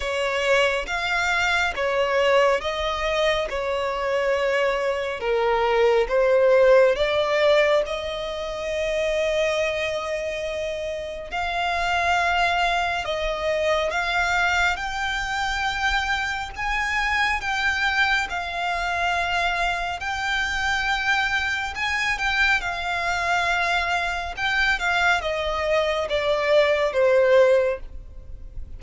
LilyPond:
\new Staff \with { instrumentName = "violin" } { \time 4/4 \tempo 4 = 69 cis''4 f''4 cis''4 dis''4 | cis''2 ais'4 c''4 | d''4 dis''2.~ | dis''4 f''2 dis''4 |
f''4 g''2 gis''4 | g''4 f''2 g''4~ | g''4 gis''8 g''8 f''2 | g''8 f''8 dis''4 d''4 c''4 | }